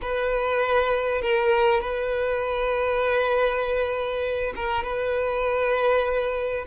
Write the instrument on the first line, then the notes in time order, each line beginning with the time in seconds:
violin
0.01 B4
1.21 A#4
1.80 B4
4.55 A#4
4.83 B4